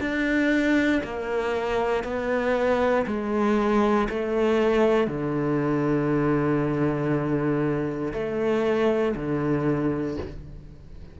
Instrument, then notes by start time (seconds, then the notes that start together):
cello
0.00 D4
1.03 A#3
2.03 B3
3.06 G#3
4.09 A3
5.07 D3
8.13 A3
9.16 D3